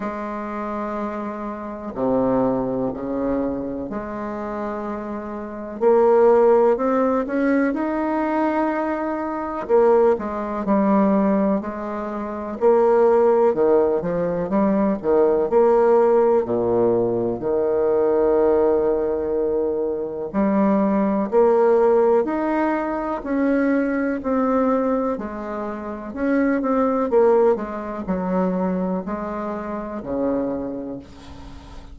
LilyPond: \new Staff \with { instrumentName = "bassoon" } { \time 4/4 \tempo 4 = 62 gis2 c4 cis4 | gis2 ais4 c'8 cis'8 | dis'2 ais8 gis8 g4 | gis4 ais4 dis8 f8 g8 dis8 |
ais4 ais,4 dis2~ | dis4 g4 ais4 dis'4 | cis'4 c'4 gis4 cis'8 c'8 | ais8 gis8 fis4 gis4 cis4 | }